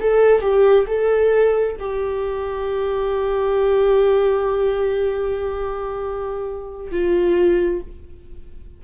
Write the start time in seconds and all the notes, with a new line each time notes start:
0.00 A4
0.41 G4
0.87 A4
1.80 G4
6.91 F4